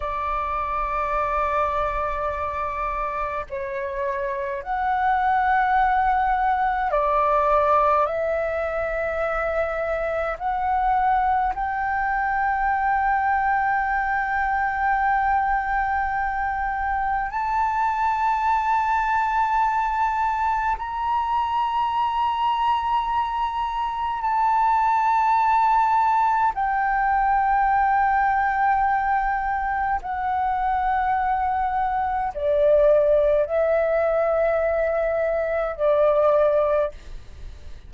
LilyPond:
\new Staff \with { instrumentName = "flute" } { \time 4/4 \tempo 4 = 52 d''2. cis''4 | fis''2 d''4 e''4~ | e''4 fis''4 g''2~ | g''2. a''4~ |
a''2 ais''2~ | ais''4 a''2 g''4~ | g''2 fis''2 | d''4 e''2 d''4 | }